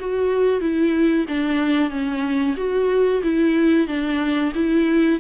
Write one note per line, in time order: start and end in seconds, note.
0.00 0.60 F#4
0.60 1.26 E4
1.28 1.90 D4
1.90 2.56 C#4
2.56 3.22 F#4
3.23 3.87 E4
3.87 4.53 D4
4.54 5.20 E4